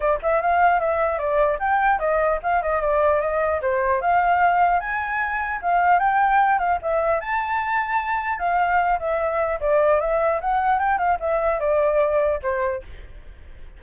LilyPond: \new Staff \with { instrumentName = "flute" } { \time 4/4 \tempo 4 = 150 d''8 e''8 f''4 e''4 d''4 | g''4 dis''4 f''8 dis''8 d''4 | dis''4 c''4 f''2 | gis''2 f''4 g''4~ |
g''8 f''8 e''4 a''2~ | a''4 f''4. e''4. | d''4 e''4 fis''4 g''8 f''8 | e''4 d''2 c''4 | }